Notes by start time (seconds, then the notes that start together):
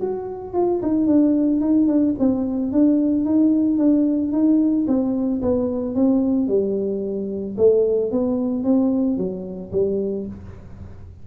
0.00 F#4
0.54 F4
0.82 D#4
1.06 D4
1.60 D#4
1.87 D4
2.19 C4
2.72 D4
3.25 D#4
3.78 D4
4.32 D#4
4.87 C4
5.42 B3
5.95 C4
6.48 G3
7.57 A3
8.11 B3
8.64 C4
9.17 F#3
9.72 G3